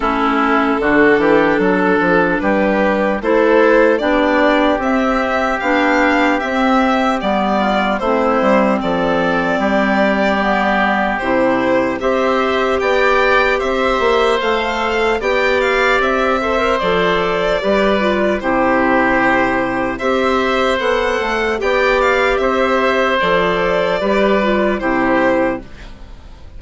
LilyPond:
<<
  \new Staff \with { instrumentName = "violin" } { \time 4/4 \tempo 4 = 75 a'2. b'4 | c''4 d''4 e''4 f''4 | e''4 d''4 c''4 d''4~ | d''2 c''4 e''4 |
g''4 e''4 f''4 g''8 f''8 | e''4 d''2 c''4~ | c''4 e''4 fis''4 g''8 f''8 | e''4 d''2 c''4 | }
  \new Staff \with { instrumentName = "oboe" } { \time 4/4 e'4 fis'8 g'8 a'4 g'4 | a'4 g'2.~ | g'4. f'8 e'4 a'4 | g'2. c''4 |
d''4 c''2 d''4~ | d''8 c''4. b'4 g'4~ | g'4 c''2 d''4 | c''2 b'4 g'4 | }
  \new Staff \with { instrumentName = "clarinet" } { \time 4/4 cis'4 d'2. | e'4 d'4 c'4 d'4 | c'4 b4 c'2~ | c'4 b4 e'4 g'4~ |
g'2 a'4 g'4~ | g'8 a'16 ais'16 a'4 g'8 f'8 e'4~ | e'4 g'4 a'4 g'4~ | g'4 a'4 g'8 f'8 e'4 | }
  \new Staff \with { instrumentName = "bassoon" } { \time 4/4 a4 d8 e8 fis8 f8 g4 | a4 b4 c'4 b4 | c'4 g4 a8 g8 f4 | g2 c4 c'4 |
b4 c'8 ais8 a4 b4 | c'4 f4 g4 c4~ | c4 c'4 b8 a8 b4 | c'4 f4 g4 c4 | }
>>